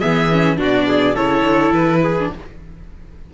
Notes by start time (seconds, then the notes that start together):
0.00 E3 B3 G#4 E5
0.31 C#4
0.57 B2 D4 F#4
0.63 D5
0.87 G#4
1.15 C#3 E4 A4 C#5
1.42 D3
1.72 E3 B4
2.04 G#4
2.20 D4